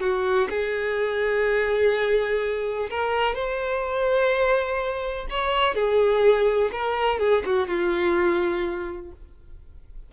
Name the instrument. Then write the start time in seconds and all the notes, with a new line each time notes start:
violin
0.00 F#4
0.49 G#4
2.90 A#4
3.35 C5
5.30 C#5
5.75 G#4
6.72 A#4
7.19 G#4
7.45 F#4
7.68 F4